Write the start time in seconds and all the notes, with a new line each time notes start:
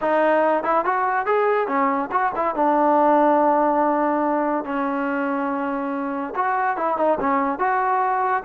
0.01 D#4
0.63 E4
0.85 F#4
1.26 G#4
1.67 C#4
2.11 F#4
2.35 E4
2.55 D4
4.64 C#4
6.35 F#4
6.76 E4
6.97 D#4
7.20 C#4
7.58 F#4